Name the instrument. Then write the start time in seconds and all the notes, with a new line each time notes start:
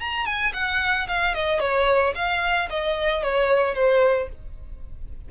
violin
0.00 A#5
0.25 G#5
0.53 F#5
1.07 F5
1.34 D#5
1.59 C#5
2.15 F5
2.70 D#5
3.23 C#5
3.74 C5